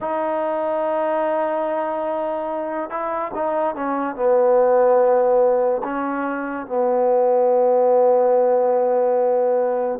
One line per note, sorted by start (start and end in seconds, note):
0.00 2.89 D#4
2.89 3.31 E4
3.34 3.75 D#4
3.75 4.15 C#4
4.15 5.82 B3
5.83 6.66 C#4
6.66 9.99 B3